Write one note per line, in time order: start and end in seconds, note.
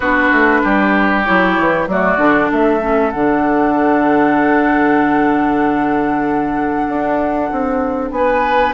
0.00 0.30 B3
0.00 1.25 D4
0.00 0.61 F#4
0.00 1.22 B4
0.31 0.62 A3
0.63 1.26 G3
0.63 1.88 G4
1.24 1.58 F#3
1.24 1.88 E4
1.24 1.87 C#5
1.58 1.87 E3
1.87 2.17 F#3
1.87 2.18 A3
1.87 2.50 F#4
1.87 2.51 D5
2.17 2.48 D3
2.17 2.80 D4
2.50 3.13 A3
2.50 8.13 A4
2.50 3.10 E5
2.81 3.12 C#4
3.10 6.88 D3
3.10 8.74 D4
3.10 8.10 F#5
6.88 7.50 D4
7.51 8.10 C4
8.10 8.73 B3
8.10 8.73 G#5
8.17 8.74 B4